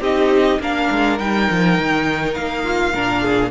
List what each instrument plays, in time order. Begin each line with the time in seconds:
0.00 cello C4, viola D#4, violin G4 D#5
0.59 cello A#3, viola D4, violin A#4 F5
0.90 cello G#3
1.18 cello G3, viola D#4, violin G5
1.50 cello F3
1.78 cello D#3
2.34 cello A#3, violin F5
2.63 violin F4
2.93 cello A#2, viola D4, violin A#4
3.22 violin G#4